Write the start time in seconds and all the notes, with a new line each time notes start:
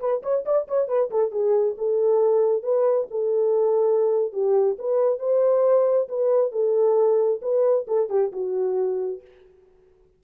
0.00 B4
0.23 C#5
0.45 D5
0.68 C#5
0.88 B4
1.11 A4
1.32 G#4
1.78 A4
2.63 B4
3.11 A4
4.33 G4
4.79 B4
5.19 C5
6.09 B4
6.52 A4
7.42 B4
7.88 A4
8.10 G4
8.33 F#4